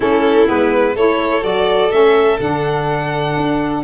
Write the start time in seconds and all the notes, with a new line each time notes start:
0.00 A3 C#4 E4 A4
0.46 G#3 B3 B4
0.94 A3 E4 A4 C#5
1.41 F#3 F#4 D5
1.90 A3 C#4 E5
2.39 D3 D4 F#5
3.36 D4